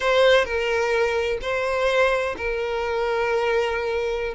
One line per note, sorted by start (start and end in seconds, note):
0.00 0.44 C5
0.44 1.38 A#4
1.41 2.35 C5
2.37 4.34 A#4